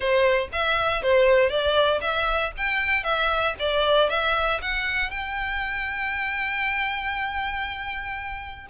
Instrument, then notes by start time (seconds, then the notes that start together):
violin
0.00 C5
0.52 E5
1.02 C5
1.49 D5
2.00 E5
2.57 G5
3.03 E5
3.59 D5
4.09 E5
4.61 F#5
5.10 G5